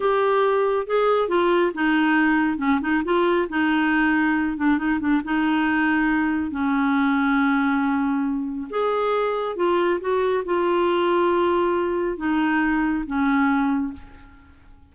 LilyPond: \new Staff \with { instrumentName = "clarinet" } { \time 4/4 \tempo 4 = 138 g'2 gis'4 f'4 | dis'2 cis'8 dis'8 f'4 | dis'2~ dis'8 d'8 dis'8 d'8 | dis'2. cis'4~ |
cis'1 | gis'2 f'4 fis'4 | f'1 | dis'2 cis'2 | }